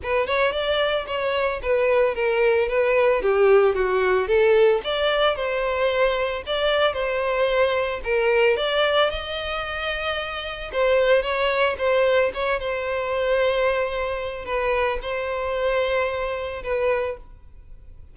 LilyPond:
\new Staff \with { instrumentName = "violin" } { \time 4/4 \tempo 4 = 112 b'8 cis''8 d''4 cis''4 b'4 | ais'4 b'4 g'4 fis'4 | a'4 d''4 c''2 | d''4 c''2 ais'4 |
d''4 dis''2. | c''4 cis''4 c''4 cis''8 c''8~ | c''2. b'4 | c''2. b'4 | }